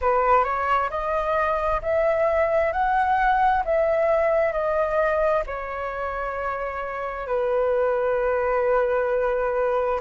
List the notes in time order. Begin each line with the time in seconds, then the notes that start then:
0.01 B4
0.44 C#5
0.90 D#5
1.82 E5
2.72 F#5
3.64 E5
4.52 D#5
5.46 C#5
7.27 B4